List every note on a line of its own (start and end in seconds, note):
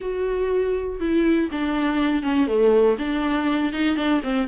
0.00 1.00 F#4
1.00 1.49 E4
1.51 2.22 D4
2.22 2.47 C#4
2.47 2.96 A3
2.98 3.72 D4
3.72 3.96 D#4
3.96 4.21 D4
4.23 4.47 C4